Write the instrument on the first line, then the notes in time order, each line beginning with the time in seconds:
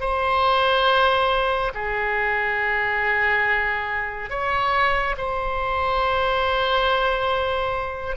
oboe
0.00 C5
1.74 G#4
4.30 C#5
5.17 C5